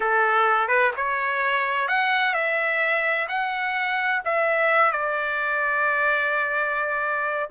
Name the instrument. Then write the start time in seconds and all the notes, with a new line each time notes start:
trumpet
0.00 A4
0.68 B4
0.96 C#5
1.87 F#5
2.34 E5
3.28 F#5
4.24 E5
4.91 D5